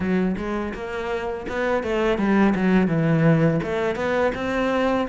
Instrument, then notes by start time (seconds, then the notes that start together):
cello
0.00 F#3
0.37 G#3
0.74 A#3
1.48 B3
1.83 A3
2.18 G3
2.55 F#3
2.87 E3
3.63 A3
3.95 B3
4.34 C4